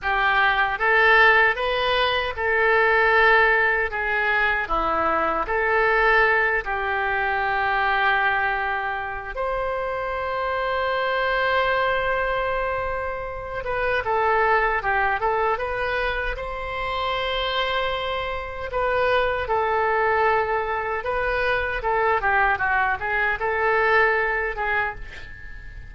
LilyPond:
\new Staff \with { instrumentName = "oboe" } { \time 4/4 \tempo 4 = 77 g'4 a'4 b'4 a'4~ | a'4 gis'4 e'4 a'4~ | a'8 g'2.~ g'8 | c''1~ |
c''4. b'8 a'4 g'8 a'8 | b'4 c''2. | b'4 a'2 b'4 | a'8 g'8 fis'8 gis'8 a'4. gis'8 | }